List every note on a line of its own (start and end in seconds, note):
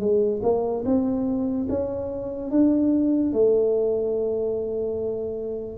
0.00 0.41 G#3
0.43 0.84 A#3
0.85 1.67 C4
1.69 2.50 C#4
2.50 3.33 D4
3.33 5.77 A3